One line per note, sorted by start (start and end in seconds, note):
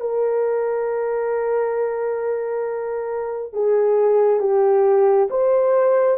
0.00 3.53 A#4
3.53 4.40 G#4
4.40 5.28 G4
5.30 6.18 C5